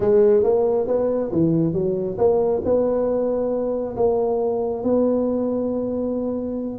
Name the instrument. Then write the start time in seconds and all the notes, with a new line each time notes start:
tuba
0.00 G#3
0.43 A#3
0.87 B3
1.31 E3
1.73 F#3
2.18 A#3
2.64 B3
3.96 A#3
4.83 B3